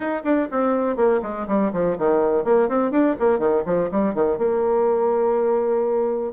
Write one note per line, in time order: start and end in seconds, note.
0.00 0.23 D#4
0.24 0.48 D4
0.51 0.96 C4
0.96 1.20 A#3
1.22 1.46 G#3
1.47 1.72 G3
1.72 1.97 F3
1.98 2.44 D#3
2.44 2.68 A#3
2.69 2.91 C4
2.91 3.15 D4
3.19 3.38 A#3
3.38 3.63 D#3
3.65 3.89 F3
3.91 4.14 G3
4.14 4.38 D#3
4.38 6.32 A#3